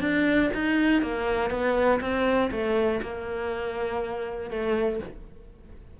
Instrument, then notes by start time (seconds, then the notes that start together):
cello
0.00 D4
0.54 D#4
1.02 A#3
1.50 B3
2.01 C4
2.51 A3
3.02 A#3
4.50 A3